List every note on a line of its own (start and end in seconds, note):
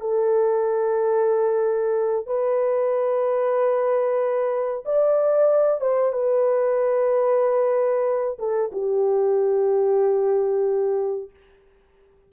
0.00 2.26 A4
2.26 4.84 B4
4.85 5.80 D5
5.80 6.12 C5
6.12 8.38 B4
8.38 8.71 A4
8.72 11.30 G4